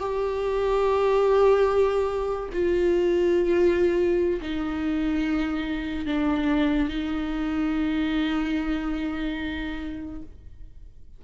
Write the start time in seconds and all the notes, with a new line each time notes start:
0.00 G4
2.53 F4
4.42 D#4
6.06 D4
6.89 D#4